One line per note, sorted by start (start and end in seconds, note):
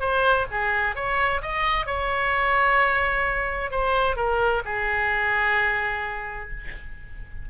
0.00 0.46 C5
0.51 0.95 G#4
0.95 1.41 C#5
1.42 1.86 D#5
1.86 3.71 C#5
3.71 4.16 C5
4.16 4.62 A#4
4.65 6.50 G#4